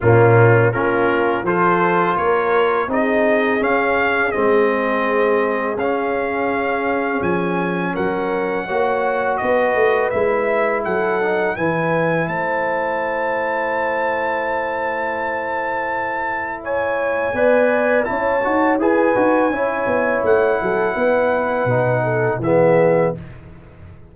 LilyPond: <<
  \new Staff \with { instrumentName = "trumpet" } { \time 4/4 \tempo 4 = 83 f'4 ais'4 c''4 cis''4 | dis''4 f''4 dis''2 | f''2 gis''4 fis''4~ | fis''4 dis''4 e''4 fis''4 |
gis''4 a''2.~ | a''2. gis''4~ | gis''4 a''4 gis''2 | fis''2. e''4 | }
  \new Staff \with { instrumentName = "horn" } { \time 4/4 cis'4 f'4 a'4 ais'4 | gis'1~ | gis'2. ais'4 | cis''4 b'2 a'4 |
b'4 c''2.~ | c''2. cis''4 | d''4 cis''4 b'4 cis''4~ | cis''8 a'8 b'4. a'8 gis'4 | }
  \new Staff \with { instrumentName = "trombone" } { \time 4/4 ais4 cis'4 f'2 | dis'4 cis'4 c'2 | cis'1 | fis'2 e'4. dis'8 |
e'1~ | e'1 | b'4 e'8 fis'8 gis'8 fis'8 e'4~ | e'2 dis'4 b4 | }
  \new Staff \with { instrumentName = "tuba" } { \time 4/4 ais,4 ais4 f4 ais4 | c'4 cis'4 gis2 | cis'2 f4 fis4 | ais4 b8 a8 gis4 fis4 |
e4 a2.~ | a1 | b4 cis'8 dis'8 e'8 dis'8 cis'8 b8 | a8 fis8 b4 b,4 e4 | }
>>